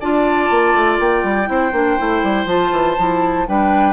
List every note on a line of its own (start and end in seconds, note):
0.00 0.51 D4
0.00 1.46 F4
0.00 1.49 D5
0.00 0.99 A5
0.51 0.74 A#3
0.74 0.99 A3
0.99 1.24 A#3
0.99 2.48 G5
1.24 1.49 G3
1.46 1.73 C4
1.46 1.71 E4
1.46 3.48 C5
1.73 1.98 A#3
1.73 1.99 D4
1.99 2.23 A3
1.99 2.47 E4
2.23 2.45 G3
2.45 2.70 F3
2.45 2.97 F4
2.45 3.47 A5
2.72 2.97 E3
2.98 3.48 F3
2.98 3.47 E4
3.47 3.93 G3
3.47 3.93 D4
3.47 3.93 B4
3.47 3.93 G5